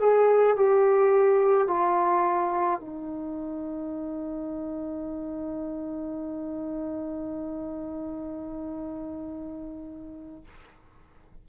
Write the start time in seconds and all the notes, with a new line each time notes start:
0.00 G#4
0.57 G4
1.68 F4
2.80 D#4